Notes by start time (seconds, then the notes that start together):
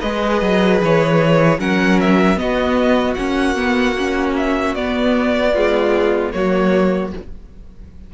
0.00 G#3 G#4 B4 D#5
0.42 F#3
0.84 E3 C#5
1.59 F#3 C#4 A#4 F#5
2.00 E5
2.37 B3 F#4 D#5
3.14 A#3 C#4 F#5
3.56 B3
3.98 C#4
4.37 E5
4.75 B3 D5
5.53 G#3 F4
6.32 F#3 A#3 F#4 C#5